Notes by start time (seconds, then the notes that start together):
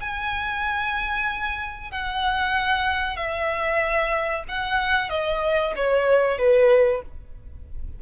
0.00 G#5
1.91 F#5
3.16 E5
4.48 F#5
5.09 D#5
5.76 C#5
6.38 B4